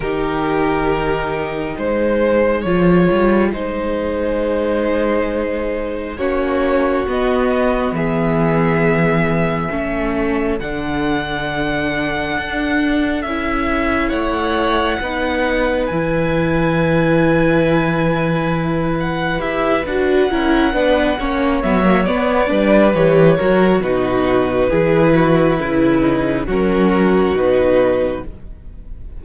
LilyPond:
<<
  \new Staff \with { instrumentName = "violin" } { \time 4/4 \tempo 4 = 68 ais'2 c''4 cis''4 | c''2. cis''4 | dis''4 e''2. | fis''2. e''4 |
fis''2 gis''2~ | gis''4. fis''8 e''8 fis''4.~ | fis''8 e''8 d''4 cis''4 b'4~ | b'2 ais'4 b'4 | }
  \new Staff \with { instrumentName = "violin" } { \time 4/4 g'2 gis'2~ | gis'2. fis'4~ | fis'4 gis'2 a'4~ | a'1 |
cis''4 b'2.~ | b'2. ais'8 b'8 | cis''4. b'4 ais'8 fis'4 | gis'8 fis'8 e'4 fis'2 | }
  \new Staff \with { instrumentName = "viola" } { \time 4/4 dis'2. f'4 | dis'2. cis'4 | b2. cis'4 | d'2. e'4~ |
e'4 dis'4 e'2~ | e'2 g'8 fis'8 e'8 d'8 | cis'8 b16 ais16 b8 d'8 g'8 fis'8 dis'4 | e'4. dis'8 cis'4 dis'4 | }
  \new Staff \with { instrumentName = "cello" } { \time 4/4 dis2 gis4 f8 g8 | gis2. ais4 | b4 e2 a4 | d2 d'4 cis'4 |
a4 b4 e2~ | e2 e'8 d'8 cis'8 b8 | ais8 fis8 b8 g8 e8 fis8 b,4 | e4 cis4 fis4 b,4 | }
>>